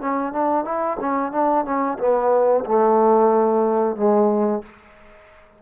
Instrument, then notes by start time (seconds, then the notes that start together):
trombone
0.00 C#4
0.32 D4
0.64 E4
1.00 C#4
1.32 D4
1.65 C#4
1.98 B3
2.65 A3
3.96 G#3